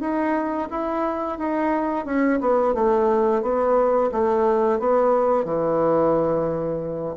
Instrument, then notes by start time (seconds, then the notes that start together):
bassoon
0.00 D#4
0.70 E4
1.38 D#4
2.05 C#4
2.41 B3
2.74 A3
3.42 B3
4.12 A3
4.79 B3
5.45 E3